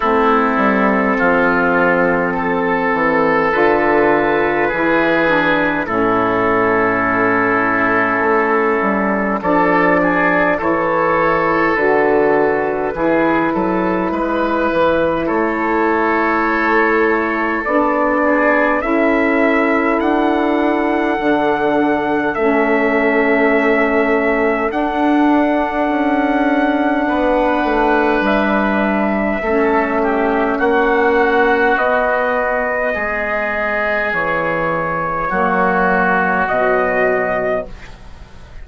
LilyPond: <<
  \new Staff \with { instrumentName = "trumpet" } { \time 4/4 \tempo 4 = 51 a'2. b'4~ | b'4 a'2. | d''4 cis''4 b'2~ | b'4 cis''2 d''4 |
e''4 fis''2 e''4~ | e''4 fis''2. | e''2 fis''4 dis''4~ | dis''4 cis''2 dis''4 | }
  \new Staff \with { instrumentName = "oboe" } { \time 4/4 e'4 f'4 a'2 | gis'4 e'2. | a'8 gis'8 a'2 gis'8 a'8 | b'4 a'2~ a'8 gis'8 |
a'1~ | a'2. b'4~ | b'4 a'8 g'8 fis'2 | gis'2 fis'2 | }
  \new Staff \with { instrumentName = "saxophone" } { \time 4/4 c'2. f'4 | e'8 d'8 cis'2. | d'4 e'4 fis'4 e'4~ | e'2. d'4 |
e'2 d'4 cis'4~ | cis'4 d'2.~ | d'4 cis'2 b4~ | b2 ais4 fis4 | }
  \new Staff \with { instrumentName = "bassoon" } { \time 4/4 a8 g8 f4. e8 d4 | e4 a,2 a8 g8 | f4 e4 d4 e8 fis8 | gis8 e8 a2 b4 |
cis'4 d'4 d4 a4~ | a4 d'4 cis'4 b8 a8 | g4 a4 ais4 b4 | gis4 e4 fis4 b,4 | }
>>